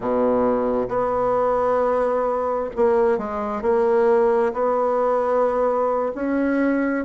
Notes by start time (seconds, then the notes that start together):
0.00 B2
0.88 B3
2.76 A#3
3.18 G#3
3.62 A#3
4.53 B3
6.14 C#4